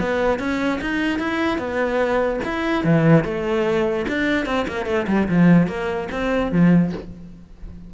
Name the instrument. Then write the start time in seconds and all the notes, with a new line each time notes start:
cello
0.00 B3
0.39 C#4
0.81 D#4
1.19 E4
1.58 B3
2.45 E4
2.85 E3
3.24 A3
4.08 D4
4.46 C4
4.68 A#3
4.86 A3
5.08 G3
5.29 F3
5.67 A#3
6.12 C4
6.52 F3